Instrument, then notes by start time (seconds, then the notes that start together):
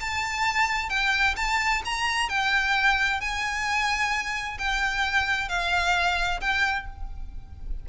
violin
0.00 A5
0.89 G5
1.36 A5
1.85 A#5
2.29 G5
3.20 G#5
4.58 G5
5.48 F5
6.40 G5